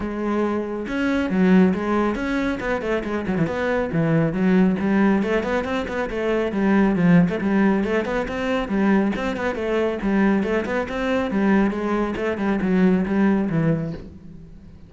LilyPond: \new Staff \with { instrumentName = "cello" } { \time 4/4 \tempo 4 = 138 gis2 cis'4 fis4 | gis4 cis'4 b8 a8 gis8 fis16 e16 | b4 e4 fis4 g4 | a8 b8 c'8 b8 a4 g4 |
f8. a16 g4 a8 b8 c'4 | g4 c'8 b8 a4 g4 | a8 b8 c'4 g4 gis4 | a8 g8 fis4 g4 e4 | }